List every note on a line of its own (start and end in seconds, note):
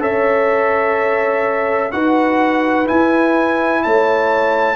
0.00 1.92 C#4
0.00 1.90 A4
0.00 1.92 C#5
0.00 1.92 E5
1.92 2.88 D#4
1.92 2.86 F#4
1.92 3.84 B4
1.92 2.87 F#5
2.86 4.76 E4
2.86 3.85 E4
2.86 3.83 G#5
3.83 4.76 A3
3.83 4.76 C#5
3.83 4.76 A5